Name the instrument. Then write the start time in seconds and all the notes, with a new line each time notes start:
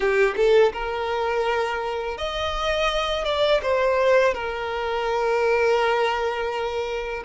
violin
0.00 G4
0.36 A4
0.72 A#4
2.17 D#5
3.24 D5
3.62 C5
4.34 A#4